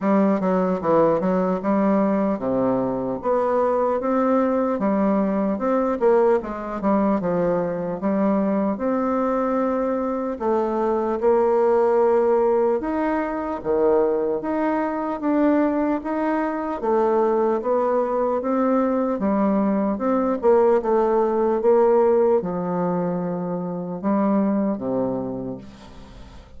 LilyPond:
\new Staff \with { instrumentName = "bassoon" } { \time 4/4 \tempo 4 = 75 g8 fis8 e8 fis8 g4 c4 | b4 c'4 g4 c'8 ais8 | gis8 g8 f4 g4 c'4~ | c'4 a4 ais2 |
dis'4 dis4 dis'4 d'4 | dis'4 a4 b4 c'4 | g4 c'8 ais8 a4 ais4 | f2 g4 c4 | }